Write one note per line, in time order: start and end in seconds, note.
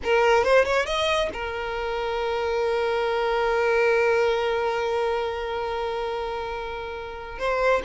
0.03 0.43 A#4
0.43 0.64 C5
0.64 0.86 C#5
0.86 1.29 D#5
1.33 7.38 A#4
7.38 7.82 C5